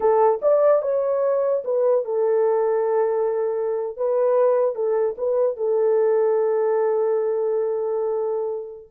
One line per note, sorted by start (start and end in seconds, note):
0.00 0.40 A4
0.42 0.82 D5
0.82 1.63 C#5
1.64 2.04 B4
2.04 3.96 A4
3.96 4.75 B4
4.75 5.15 A4
5.17 5.57 B4
5.57 8.90 A4